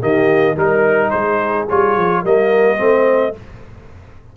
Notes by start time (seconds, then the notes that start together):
0.00 D#3 A#3 G4 D#5
0.54 G3 D#4 A#4
1.10 G#3 G#4 C5
1.69 G3 F4 C#5
1.96 F3
2.22 G3 A#3 A#4 D#5
2.77 A3 C4 C5